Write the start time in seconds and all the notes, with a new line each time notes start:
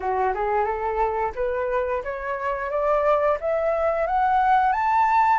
0.00 F#4
0.34 G#4
0.64 A4
1.35 B4
2.03 C#5
2.70 D5
3.40 E5
4.06 F#5
4.72 A5